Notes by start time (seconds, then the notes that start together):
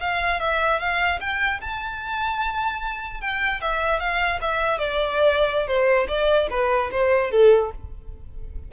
0.00 F5
0.40 E5
0.80 F5
1.21 G5
1.61 A5
3.21 G5
3.61 E5
4.00 F5
4.41 E5
4.79 D5
5.67 C5
6.08 D5
6.51 B4
6.91 C5
7.31 A4